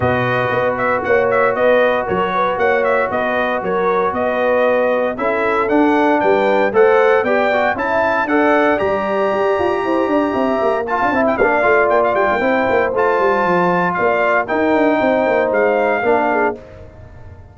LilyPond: <<
  \new Staff \with { instrumentName = "trumpet" } { \time 4/4 \tempo 4 = 116 dis''4. e''8 fis''8 e''8 dis''4 | cis''4 fis''8 e''8 dis''4 cis''4 | dis''2 e''4 fis''4 | g''4 fis''4 g''4 a''4 |
fis''4 ais''2.~ | ais''4 a''8. g''16 f''4 g''16 f''16 g''8~ | g''4 a''2 f''4 | g''2 f''2 | }
  \new Staff \with { instrumentName = "horn" } { \time 4/4 b'2 cis''4 b'4 | ais'8 b'8 cis''4 b'4 ais'4 | b'2 a'2 | b'4 c''4 d''4 e''4 |
d''2. c''8 d''8 | e''4 f''8 e''8 d''2 | c''2. d''4 | ais'4 c''2 ais'8 gis'8 | }
  \new Staff \with { instrumentName = "trombone" } { \time 4/4 fis'1~ | fis'1~ | fis'2 e'4 d'4~ | d'4 a'4 g'8 fis'8 e'4 |
a'4 g'2.~ | g'4 f'8 e'8 d'8 f'4. | e'4 f'2. | dis'2. d'4 | }
  \new Staff \with { instrumentName = "tuba" } { \time 4/4 b,4 b4 ais4 b4 | fis4 ais4 b4 fis4 | b2 cis'4 d'4 | g4 a4 b4 cis'4 |
d'4 g4 g'8 f'8 e'8 d'8 | c'8 ais8. d'16 c'8 ais8 a8 ais8 g16 ais16 | c'8 ais8 a8 g8 f4 ais4 | dis'8 d'8 c'8 ais8 gis4 ais4 | }
>>